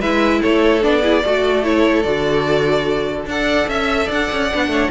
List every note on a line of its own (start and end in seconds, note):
0.00 0.41 G#3
0.00 0.82 E4
0.00 0.41 B4
0.00 0.42 E5
0.42 0.84 A3
0.42 1.03 A4
0.42 0.84 C#5
0.82 1.25 B3
0.82 1.02 D4
0.82 1.65 D5
1.03 1.23 E4
1.03 1.23 G#4
1.25 2.05 A3
1.25 1.63 F#4
1.25 3.29 A4
1.63 2.04 E4
1.63 2.03 C#5
2.03 3.26 D3
2.03 3.26 F#4
2.03 3.25 D5
3.26 3.67 D4
3.26 4.53 A4
3.26 3.68 D5
3.26 3.70 F#5
3.68 4.09 C#4
3.68 4.06 E5
3.68 4.11 E5
4.06 4.30 D4
4.06 4.67 D5
4.06 4.91 F#5
4.32 4.52 C#4
4.53 4.68 B3
4.53 4.91 D4
4.68 4.88 A3
4.68 4.91 C#5